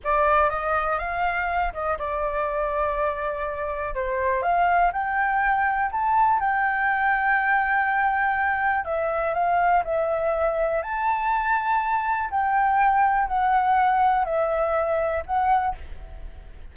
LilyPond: \new Staff \with { instrumentName = "flute" } { \time 4/4 \tempo 4 = 122 d''4 dis''4 f''4. dis''8 | d''1 | c''4 f''4 g''2 | a''4 g''2.~ |
g''2 e''4 f''4 | e''2 a''2~ | a''4 g''2 fis''4~ | fis''4 e''2 fis''4 | }